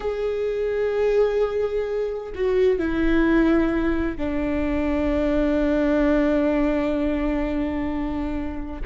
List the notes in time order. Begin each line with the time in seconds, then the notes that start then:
0.00 G#4
2.35 F#4
2.78 E4
4.17 D4